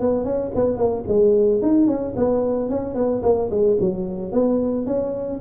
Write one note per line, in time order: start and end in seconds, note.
0.00 0.24 B3
0.24 0.51 C#4
0.55 0.77 B3
0.77 1.04 A#3
1.07 1.61 G#3
1.61 1.87 D#4
1.87 2.14 C#4
2.16 2.69 B3
2.69 2.94 C#4
2.94 3.21 B3
3.22 3.49 A#3
3.50 3.77 G#3
3.80 4.32 F#3
4.32 4.86 B3
4.86 5.40 C#4